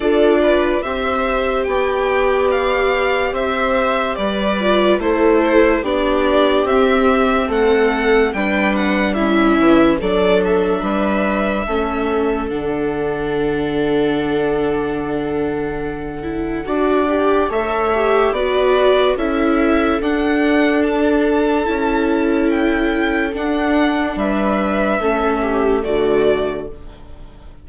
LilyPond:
<<
  \new Staff \with { instrumentName = "violin" } { \time 4/4 \tempo 4 = 72 d''4 e''4 g''4 f''4 | e''4 d''4 c''4 d''4 | e''4 fis''4 g''8 fis''8 e''4 | d''8 e''2~ e''8 fis''4~ |
fis''1~ | fis''4 e''4 d''4 e''4 | fis''4 a''2 g''4 | fis''4 e''2 d''4 | }
  \new Staff \with { instrumentName = "viola" } { \time 4/4 a'8 b'8 c''4 d''2 | c''4 b'4 a'4 g'4~ | g'4 a'4 b'4 e'4 | a'4 b'4 a'2~ |
a'1 | d''4 cis''4 b'4 a'4~ | a'1~ | a'4 b'4 a'8 g'8 fis'4 | }
  \new Staff \with { instrumentName = "viola" } { \time 4/4 f'4 g'2.~ | g'4. f'8 e'4 d'4 | c'2 d'4 cis'4 | d'2 cis'4 d'4~ |
d'2.~ d'8 e'8 | fis'8 g'8 a'8 g'8 fis'4 e'4 | d'2 e'2 | d'2 cis'4 a4 | }
  \new Staff \with { instrumentName = "bassoon" } { \time 4/4 d'4 c'4 b2 | c'4 g4 a4 b4 | c'4 a4 g4. e8 | fis4 g4 a4 d4~ |
d1 | d'4 a4 b4 cis'4 | d'2 cis'2 | d'4 g4 a4 d4 | }
>>